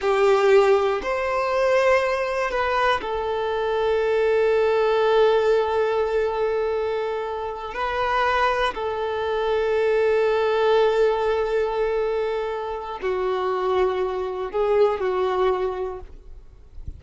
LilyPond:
\new Staff \with { instrumentName = "violin" } { \time 4/4 \tempo 4 = 120 g'2 c''2~ | c''4 b'4 a'2~ | a'1~ | a'2.~ a'8 b'8~ |
b'4. a'2~ a'8~ | a'1~ | a'2 fis'2~ | fis'4 gis'4 fis'2 | }